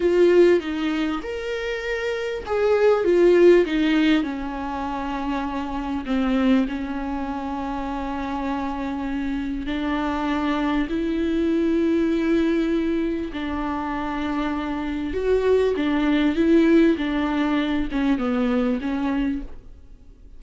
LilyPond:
\new Staff \with { instrumentName = "viola" } { \time 4/4 \tempo 4 = 99 f'4 dis'4 ais'2 | gis'4 f'4 dis'4 cis'4~ | cis'2 c'4 cis'4~ | cis'1 |
d'2 e'2~ | e'2 d'2~ | d'4 fis'4 d'4 e'4 | d'4. cis'8 b4 cis'4 | }